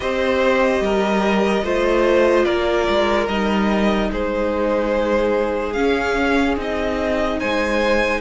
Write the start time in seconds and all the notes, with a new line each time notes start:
0.00 C4 G4 C5 D#5
0.80 G3 A#4
1.63 A3 F4 C5
2.45 A#3 A#4 D5
2.89 G#3
3.27 G3 D#4 D#5
4.11 G#3 G#4 C5
5.72 C#4 F5
6.57 C4 D#4 D#5
7.39 G#3 C5 G#5